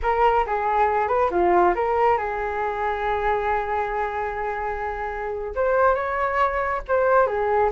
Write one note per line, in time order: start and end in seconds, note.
0.02 0.45 A#4
0.46 1.08 G#4
1.08 1.29 B4
1.30 1.74 F4
1.75 2.17 A#4
2.17 5.54 G#4
5.55 5.94 C5
5.94 6.81 C#5
6.88 7.26 C5
7.26 7.70 G#4